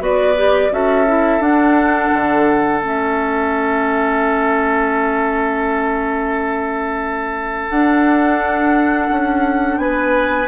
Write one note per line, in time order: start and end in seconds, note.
0.00 0.70 B3
0.00 0.35 F#4
0.00 0.72 B4
0.00 0.73 D5
0.36 0.71 G4
0.71 1.40 C#4
0.71 1.06 F#4
0.71 9.81 A4
0.71 1.42 E5
1.07 1.41 E4
1.40 2.10 D4
1.40 2.81 D4
1.40 2.81 F#5
2.14 2.83 D3
2.81 7.70 A3
2.81 7.71 C#4
2.81 7.70 E5
7.70 9.10 D4
7.70 10.48 D4
7.70 9.78 F#5
9.11 9.78 C#4
9.78 10.48 B3
9.78 10.48 B4
9.78 10.48 G#5